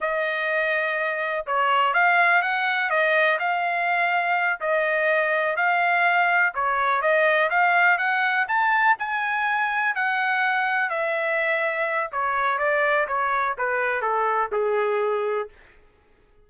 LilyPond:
\new Staff \with { instrumentName = "trumpet" } { \time 4/4 \tempo 4 = 124 dis''2. cis''4 | f''4 fis''4 dis''4 f''4~ | f''4. dis''2 f''8~ | f''4. cis''4 dis''4 f''8~ |
f''8 fis''4 a''4 gis''4.~ | gis''8 fis''2 e''4.~ | e''4 cis''4 d''4 cis''4 | b'4 a'4 gis'2 | }